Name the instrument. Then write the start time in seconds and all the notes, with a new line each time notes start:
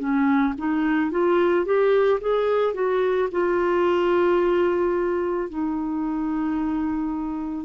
clarinet
0.00 C#4
0.58 D#4
1.12 F4
1.66 G4
2.21 G#4
2.75 F#4
3.32 F4
5.50 D#4